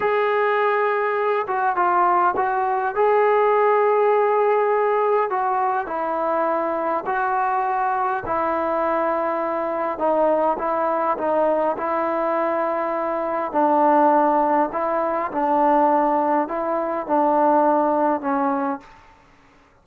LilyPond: \new Staff \with { instrumentName = "trombone" } { \time 4/4 \tempo 4 = 102 gis'2~ gis'8 fis'8 f'4 | fis'4 gis'2.~ | gis'4 fis'4 e'2 | fis'2 e'2~ |
e'4 dis'4 e'4 dis'4 | e'2. d'4~ | d'4 e'4 d'2 | e'4 d'2 cis'4 | }